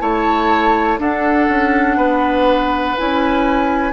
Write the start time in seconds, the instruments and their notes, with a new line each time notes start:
0.00 bassoon A3, clarinet E4, oboe C#5, flute A5
0.99 bassoon D4, clarinet D4, oboe A4, flute F#5
1.49 bassoon C#4
1.97 bassoon B3, oboe B4
2.98 bassoon C#4, clarinet E4, flute G#5